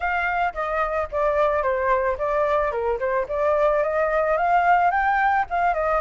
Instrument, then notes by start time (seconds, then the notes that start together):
flute
0.00 F5
0.54 D#5
1.11 D5
1.62 C5
2.18 D5
2.71 A#4
2.99 C5
3.28 D5
3.83 D#5
4.37 F5
4.90 G5
5.50 F5
5.74 D#5